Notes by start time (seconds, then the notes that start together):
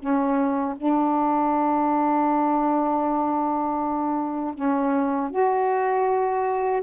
0.00 C#4
0.77 D4
4.55 C#4
5.31 F#4